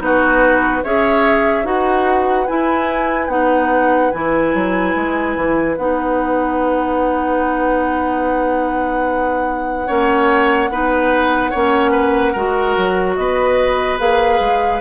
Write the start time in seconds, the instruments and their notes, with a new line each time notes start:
0.00 bassoon B3, clarinet D#4, oboe F#4, flute B4
0.84 bassoon C#4, clarinet G#4, oboe C#5, flute E5
1.64 bassoon D#4, clarinet F#4, oboe B4, flute F#5
2.47 clarinet E4, bassoon E4, flute G#5
3.28 bassoon B3, clarinet D#4, flute F#5
4.12 bassoon E3, clarinet E4, flute G#5
4.54 bassoon F#3
4.95 bassoon G#3
5.36 bassoon E3
5.77 bassoon B3, clarinet D#4, flute F#5
9.87 bassoon A#3, clarinet C#4, oboe C#5
10.70 bassoon B3, clarinet D#4, oboe B4
11.51 bassoon A#3, clarinet C#4, oboe C#5
11.91 oboe B4
12.32 bassoon G#3, clarinet F#4, oboe A#4
12.77 bassoon F#3
13.16 bassoon B3, oboe B4, flute D#5
13.98 bassoon A#3, clarinet G#4, flute F5
14.40 bassoon G#3